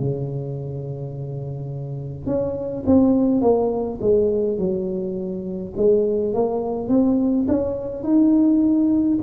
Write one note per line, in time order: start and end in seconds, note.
0.00 2.26 C#3
2.26 2.84 C#4
2.86 3.41 C4
3.41 3.99 A#3
4.01 4.58 G#3
4.58 5.74 F#3
5.77 6.34 G#3
6.34 6.89 A#3
6.89 7.46 C4
7.48 8.03 C#4
8.03 9.19 D#4